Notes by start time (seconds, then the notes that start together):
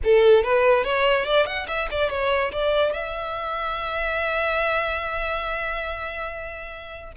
0.04 A4
0.43 B4
0.84 C#5
1.25 D5
1.46 F#5
1.67 E5
1.91 D5
2.09 C#5
2.52 D5
2.93 E5